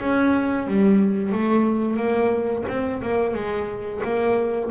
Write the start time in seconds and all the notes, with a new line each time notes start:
0.00 C#4
0.67 G3
1.32 A3
1.97 A#3
2.68 C4
3.02 A#3
3.34 G#3
4.04 A#3